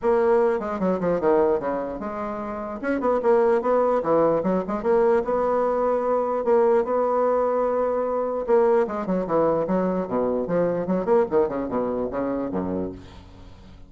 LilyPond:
\new Staff \with { instrumentName = "bassoon" } { \time 4/4 \tempo 4 = 149 ais4. gis8 fis8 f8 dis4 | cis4 gis2 cis'8 b8 | ais4 b4 e4 fis8 gis8 | ais4 b2. |
ais4 b2.~ | b4 ais4 gis8 fis8 e4 | fis4 b,4 f4 fis8 ais8 | dis8 cis8 b,4 cis4 fis,4 | }